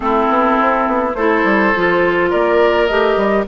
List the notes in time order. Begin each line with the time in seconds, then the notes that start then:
0.00 A3 C4 E4 A4
0.28 B3
0.60 C4
0.87 B3
1.14 A3 E4 A4 C5
1.44 G3
1.75 F3 F4
2.30 A#3 A#4 D5
2.86 A3 G4 D#5
3.16 G3